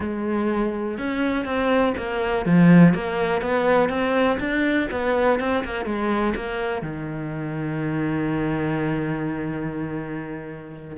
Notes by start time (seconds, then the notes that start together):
0.00 G#3
0.98 C#4
1.45 C4
1.97 A#3
2.45 F3
2.94 A#3
3.41 B3
3.89 C4
4.39 D4
4.91 B3
5.39 C4
5.64 A#3
5.85 G#3
6.35 A#3
6.82 D#3